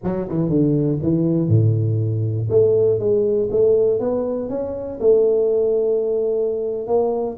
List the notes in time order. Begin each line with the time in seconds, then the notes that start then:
0.03 F#3
0.28 E3
0.49 D3
1.02 E3
1.48 A2
2.50 A3
2.99 G#3
3.51 A3
3.99 B3
4.49 C#4
5.00 A3
6.87 A#3